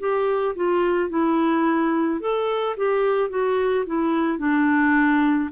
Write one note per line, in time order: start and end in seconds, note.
0.00 0.56 G4
0.56 1.10 F4
1.10 2.21 E4
2.21 2.76 A4
2.77 3.30 G4
3.30 3.85 F#4
3.86 4.39 E4
4.39 5.50 D4